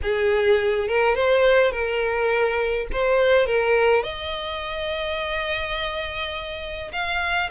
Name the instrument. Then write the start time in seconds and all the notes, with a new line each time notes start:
violin
0.02 G#4
0.88 A#4
1.15 C5
1.71 A#4
2.92 C5
3.46 A#4
4.03 D#5
6.92 F5